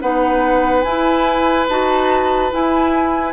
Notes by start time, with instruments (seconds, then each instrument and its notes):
0.00 bassoon B3, clarinet D#4, oboe B4, flute F#5
0.83 bassoon E4, clarinet E4, flute G#5
1.68 bassoon D#4, clarinet F#4, flute A5
2.51 clarinet E4, bassoon E4, flute G#5